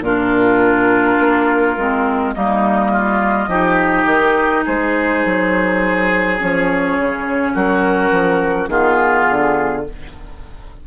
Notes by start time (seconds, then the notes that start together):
0.00 A#2 D4 F4 A#4
1.19 A#3
1.77 G#3 C4
2.33 G3 A#3 D#4 D#5
2.91 F4
3.47 F3 D#4 G4
4.05 D#3
4.64 G#3 G#4 C5
5.25 F#3
6.38 F3 C#4 C#5
6.97 C#3
7.54 F#3 F#4 A#4
8.11 F3
8.67 D#3 B3 F4 G#4
9.29 D3